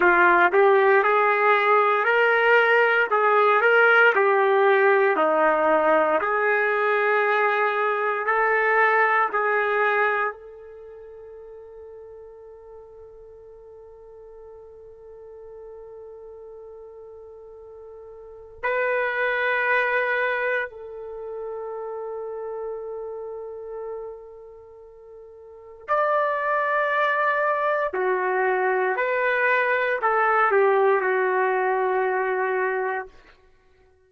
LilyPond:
\new Staff \with { instrumentName = "trumpet" } { \time 4/4 \tempo 4 = 58 f'8 g'8 gis'4 ais'4 gis'8 ais'8 | g'4 dis'4 gis'2 | a'4 gis'4 a'2~ | a'1~ |
a'2 b'2 | a'1~ | a'4 d''2 fis'4 | b'4 a'8 g'8 fis'2 | }